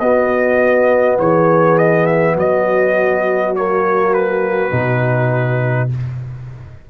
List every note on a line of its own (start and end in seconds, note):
0.00 1.18 B3
0.00 3.55 B3
0.00 1.19 F#4
0.00 1.18 D#5
1.18 2.35 E3
1.18 2.36 G#4
1.18 1.78 C#5
1.78 2.06 D#5
2.06 2.35 E5
2.35 4.70 F#3
2.35 5.88 F#4
2.35 3.56 D#5
3.55 4.71 A#3
3.55 4.13 C#5
4.13 5.90 B4
4.71 5.89 B2
4.71 5.88 D#4